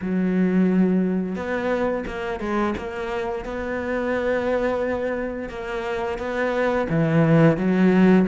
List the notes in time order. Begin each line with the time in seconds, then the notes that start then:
0.01 F#3
1.35 B3
2.07 A#3
2.39 G#3
2.77 A#3
3.45 B3
5.49 A#3
6.18 B3
6.89 E3
7.57 F#3